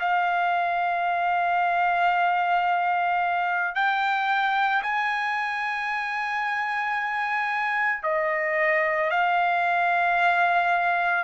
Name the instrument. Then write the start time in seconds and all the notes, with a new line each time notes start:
trumpet
0.00 F5
3.75 G5
4.83 G#5
8.04 D#5
9.11 F5